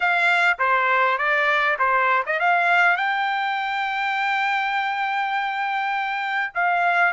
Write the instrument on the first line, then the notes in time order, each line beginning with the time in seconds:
trumpet
0.00 F5
0.58 C5
1.17 D5
1.78 C5
2.25 D#5
2.39 F5
2.96 G5
6.54 F5